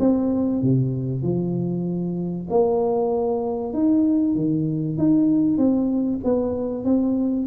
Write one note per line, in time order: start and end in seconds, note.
0.00 0.62 C4
0.62 1.23 C3
1.23 2.48 F3
2.50 3.74 A#3
3.74 4.36 D#4
4.36 4.98 D#3
4.98 5.58 D#4
5.58 6.20 C4
6.24 6.85 B3
6.85 7.47 C4